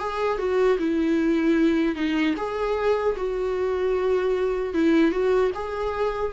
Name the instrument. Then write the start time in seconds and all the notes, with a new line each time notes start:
viola
0.00 G#4
0.39 F#4
0.79 E4
1.96 D#4
2.37 G#4
3.17 F#4
4.74 E4
5.12 F#4
5.55 G#4